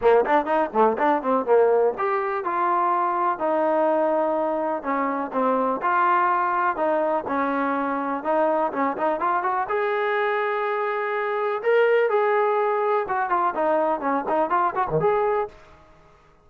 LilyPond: \new Staff \with { instrumentName = "trombone" } { \time 4/4 \tempo 4 = 124 ais8 d'8 dis'8 a8 d'8 c'8 ais4 | g'4 f'2 dis'4~ | dis'2 cis'4 c'4 | f'2 dis'4 cis'4~ |
cis'4 dis'4 cis'8 dis'8 f'8 fis'8 | gis'1 | ais'4 gis'2 fis'8 f'8 | dis'4 cis'8 dis'8 f'8 fis'16 dis16 gis'4 | }